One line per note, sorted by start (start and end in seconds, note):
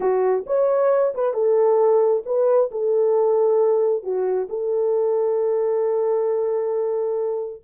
0.00 0.44 F#4
0.46 1.13 C#5
1.14 1.33 B4
1.33 2.23 A4
2.25 2.70 B4
2.71 4.03 A4
4.03 4.47 F#4
4.49 7.62 A4